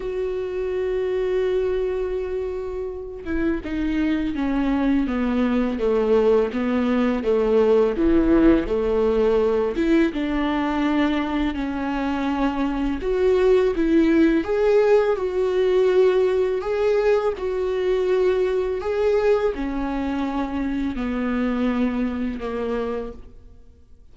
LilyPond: \new Staff \with { instrumentName = "viola" } { \time 4/4 \tempo 4 = 83 fis'1~ | fis'8 e'8 dis'4 cis'4 b4 | a4 b4 a4 e4 | a4. e'8 d'2 |
cis'2 fis'4 e'4 | gis'4 fis'2 gis'4 | fis'2 gis'4 cis'4~ | cis'4 b2 ais4 | }